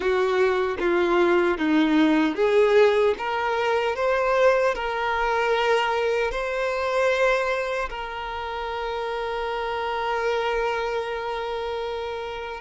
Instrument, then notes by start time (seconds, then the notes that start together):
violin
0.00 F#4
0.79 F4
1.58 D#4
2.35 G#4
3.18 A#4
3.95 C5
4.74 A#4
6.31 C5
7.89 A#4